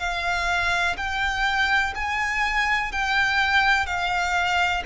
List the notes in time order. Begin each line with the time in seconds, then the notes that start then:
0.00 F5
0.97 G5
1.95 G#5
2.92 G5
3.87 F5